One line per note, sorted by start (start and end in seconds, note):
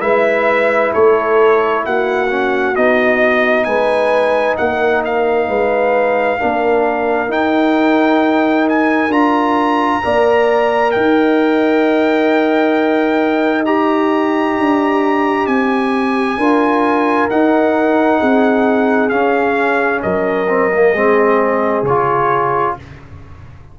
0.00 0.92 G#3
0.00 2.27 E4
0.00 0.93 B4
0.00 0.92 E5
0.94 1.86 A3
0.94 1.85 A4
0.94 1.85 C#5
1.85 2.77 A#3
1.85 3.67 F#4
1.85 2.76 F#5
2.30 2.76 C#4
2.76 3.67 B3
2.76 6.39 D#4
2.76 3.64 D#5
3.64 4.58 G#3
3.64 4.58 B4
3.64 4.55 G#5
4.57 5.48 A#3
4.57 5.49 A#4
4.57 5.03 F#5
5.05 7.32 F5
5.48 6.39 G#3
5.48 6.40 B4
6.39 7.28 A#3
6.39 7.28 D4
6.39 10.04 A#4
7.28 9.10 D#4
7.28 9.09 D#4
7.28 8.68 G5
8.69 9.12 G#5
9.09 10.00 D4
9.09 10.02 F4
9.09 10.91 A#5
10.03 10.96 A#3
10.03 13.66 A#4
10.03 10.95 D5
10.91 14.59 D#4
10.91 16.38 D#5
10.91 13.64 G5
13.65 16.38 G4
13.65 15.47 A#5
14.59 15.47 D4
15.47 16.37 C4
15.47 17.29 G#5
16.37 17.28 D4
16.37 17.30 F4
16.37 18.20 A#4
17.30 19.11 D#4
17.30 18.21 D#4
17.30 19.09 F#5
18.20 19.12 C4
18.20 20.02 G#4
19.09 20.47 C#4
19.09 20.02 C#4
19.09 20.00 F5
20.03 20.94 F#3
20.03 20.93 A#4
20.03 21.84 D#5
20.48 20.71 C4
20.74 20.95 A#3
20.93 21.83 G#3
20.93 21.86 C4
20.93 22.75 G#4
21.83 22.74 C#3
21.83 22.80 F4
21.83 22.77 C#5